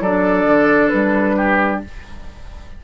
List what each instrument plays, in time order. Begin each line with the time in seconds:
0.00 bassoon F#3, clarinet D4, oboe A4, flute D5
0.45 bassoon D3
0.88 bassoon G3, flute B4
1.36 oboe G4